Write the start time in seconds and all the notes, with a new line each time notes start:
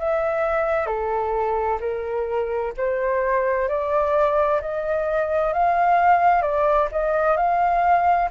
0.00 E5
0.87 A4
1.81 A#4
2.78 C5
3.69 D5
4.62 D#5
5.53 F5
6.42 D5
6.92 D#5
7.37 F5